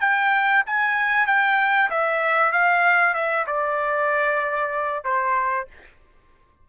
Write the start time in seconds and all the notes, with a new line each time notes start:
0.00 G5
0.66 G#5
1.27 G5
1.90 E5
2.52 F5
3.14 E5
3.47 D5
5.04 C5